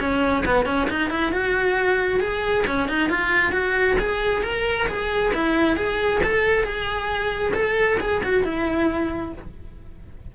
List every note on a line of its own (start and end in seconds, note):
0.00 0.44 C#4
0.45 0.66 B3
0.66 0.88 C#4
0.91 1.10 D#4
1.10 1.32 E4
1.33 2.20 F#4
2.20 2.65 G#4
2.67 2.89 C#4
2.89 3.10 D#4
3.10 3.53 F4
3.53 3.97 F#4
3.99 4.43 G#4
4.43 4.87 A#4
4.88 5.33 G#4
5.34 5.77 E4
5.77 6.21 G#4
6.24 6.64 A4
6.64 7.53 G#4
7.54 7.98 A4
8.00 8.22 G#4
8.23 8.44 F#4
8.44 9.33 E4